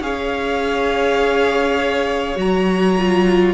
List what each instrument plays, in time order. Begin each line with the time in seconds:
0.00 cello C#4, viola G#4, violin C#5 F5
2.35 cello F#3, viola F#4, violin A#5
2.98 viola F4